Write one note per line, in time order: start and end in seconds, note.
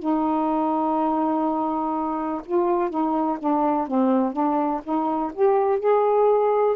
0.00 2.42 D#4
2.45 2.90 F4
2.90 3.39 D#4
3.39 3.88 D4
3.88 4.33 C4
4.33 4.82 D4
4.84 5.32 D#4
5.34 5.80 G4
5.80 6.77 G#4